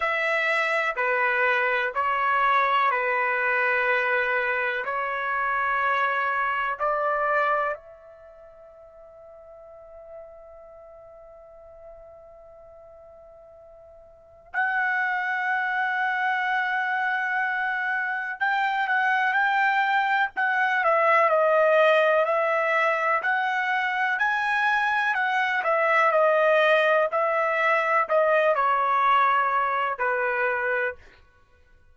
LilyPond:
\new Staff \with { instrumentName = "trumpet" } { \time 4/4 \tempo 4 = 62 e''4 b'4 cis''4 b'4~ | b'4 cis''2 d''4 | e''1~ | e''2. fis''4~ |
fis''2. g''8 fis''8 | g''4 fis''8 e''8 dis''4 e''4 | fis''4 gis''4 fis''8 e''8 dis''4 | e''4 dis''8 cis''4. b'4 | }